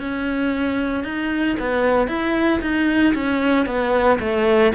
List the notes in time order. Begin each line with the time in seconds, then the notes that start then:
0.00 C#4
1.04 D#4
1.60 B3
2.08 E4
2.61 D#4
3.15 C#4
3.66 B3
4.20 A3